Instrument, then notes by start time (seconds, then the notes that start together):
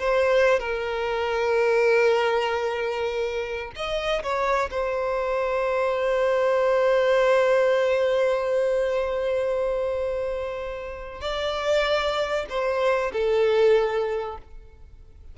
violin
0.00 C5
0.60 A#4
3.76 D#5
4.23 C#5
4.71 C5
11.21 D5
12.50 C5
13.13 A4